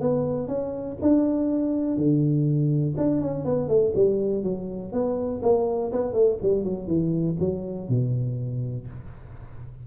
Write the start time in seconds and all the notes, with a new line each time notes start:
0.00 B3
0.47 C#4
1.01 D4
1.96 D3
2.97 D4
3.21 C#4
3.45 B3
3.68 A3
3.95 G3
4.43 F#3
4.92 B3
5.42 A#3
5.92 B3
6.13 A3
6.42 G3
6.63 F#3
6.87 E3
7.39 F#3
7.89 B2